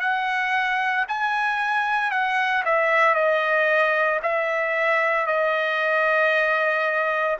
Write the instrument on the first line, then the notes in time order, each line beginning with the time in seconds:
trumpet
0.00 F#5
1.08 G#5
2.11 F#5
2.65 E5
3.14 D#5
4.22 E5
5.26 D#5